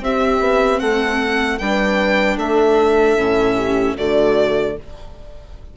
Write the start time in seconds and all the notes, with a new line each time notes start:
0.00 C4 G4 E5
0.40 B3
0.79 A3 A4 F#5
1.58 G3 D4 B4 G5
2.37 A3 A4 E5
3.15 A2 C#4
3.55 G4
3.96 D3 A3 F#4 D5